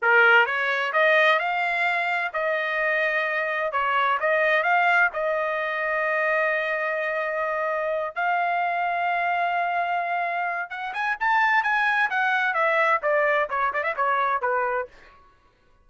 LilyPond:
\new Staff \with { instrumentName = "trumpet" } { \time 4/4 \tempo 4 = 129 ais'4 cis''4 dis''4 f''4~ | f''4 dis''2. | cis''4 dis''4 f''4 dis''4~ | dis''1~ |
dis''4. f''2~ f''8~ | f''2. fis''8 gis''8 | a''4 gis''4 fis''4 e''4 | d''4 cis''8 d''16 e''16 cis''4 b'4 | }